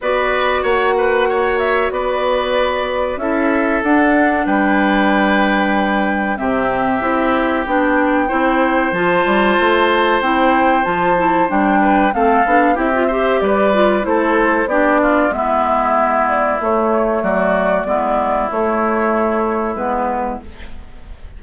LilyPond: <<
  \new Staff \with { instrumentName = "flute" } { \time 4/4 \tempo 4 = 94 d''4 fis''4. e''8 d''4~ | d''4 e''4 fis''4 g''4~ | g''2 e''2 | g''2 a''2 |
g''4 a''4 g''4 f''4 | e''4 d''4 c''4 d''4 | e''4. d''8 cis''4 d''4~ | d''4 cis''2 b'4 | }
  \new Staff \with { instrumentName = "oboe" } { \time 4/4 b'4 cis''8 b'8 cis''4 b'4~ | b'4 a'2 b'4~ | b'2 g'2~ | g'4 c''2.~ |
c''2~ c''8 b'8 a'4 | g'8 c''8 b'4 a'4 g'8 f'8 | e'2. fis'4 | e'1 | }
  \new Staff \with { instrumentName = "clarinet" } { \time 4/4 fis'1~ | fis'4 e'4 d'2~ | d'2 c'4 e'4 | d'4 e'4 f'2 |
e'4 f'8 e'8 d'4 c'8 d'8 | e'16 f'16 g'4 f'8 e'4 d'4 | b2 a2 | b4 a2 b4 | }
  \new Staff \with { instrumentName = "bassoon" } { \time 4/4 b4 ais2 b4~ | b4 cis'4 d'4 g4~ | g2 c4 c'4 | b4 c'4 f8 g8 a4 |
c'4 f4 g4 a8 b8 | c'4 g4 a4 b4 | gis2 a4 fis4 | gis4 a2 gis4 | }
>>